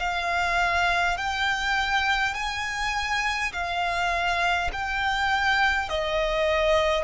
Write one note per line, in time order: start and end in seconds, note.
0.00 1.18 F5
1.18 2.35 G5
2.35 3.52 G#5
3.53 4.71 F5
4.73 5.89 G5
5.89 7.05 D#5